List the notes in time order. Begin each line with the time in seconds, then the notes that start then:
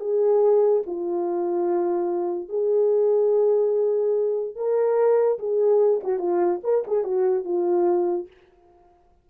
0.00 G#4
0.86 F4
2.48 G#4
4.56 A#4
5.39 G#4
6.03 F#4
6.19 F4
6.64 A#4
6.87 G#4
7.04 F#4
7.44 F4